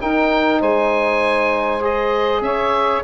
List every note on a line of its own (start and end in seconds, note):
0.00 1.81 D#4
0.00 0.61 D#4
0.00 0.60 A#4
0.00 0.62 G5
0.60 2.41 G#3
0.60 2.42 C5
0.60 1.83 G#5
1.81 3.02 G#4
1.81 2.42 D#5
2.41 3.02 C#4
2.41 3.04 C#5
2.41 3.03 E5